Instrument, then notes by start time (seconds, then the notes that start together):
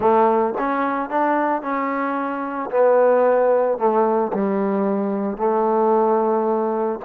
trombone
0.00 A3
0.58 C#4
1.09 D4
1.61 C#4
2.70 B3
3.77 A3
4.33 G3
5.37 A3